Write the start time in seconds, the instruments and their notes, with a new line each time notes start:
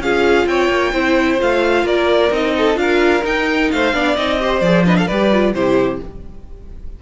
0.00 cello C#4, viola F4, violin G#4 F5
0.47 cello C4, violin C#5 G5
0.69 cello A#3
0.93 cello C4, viola E4, violin C5
1.39 cello A3, viola F4, violin F5
1.84 cello A#3, violin A#4 D5
2.31 cello C4, viola D#4, violin D#5
2.57 violin A4
2.75 cello D4, viola F4, violin A#4 F5
3.24 cello D#4, viola D#4, violin G5
3.72 cello A3, violin C5 F5
3.94 cello B3, viola D4, violin D5
4.16 cello C4, viola D#4, violin D#5
4.40 viola G4, violin C5
4.61 cello F3, viola G#4, violin D5
4.86 viola D4, violin B4 D#5
4.97 violin A4 F5
5.07 cello G3, viola G4, violin B4 D5
5.33 viola F4
5.53 cello C3, viola E4, violin G4 C5